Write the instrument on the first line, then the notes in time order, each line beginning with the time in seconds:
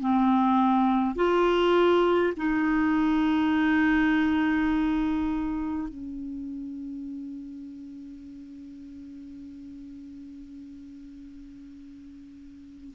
clarinet
0.00 C4
1.16 F4
2.37 D#4
5.88 C#4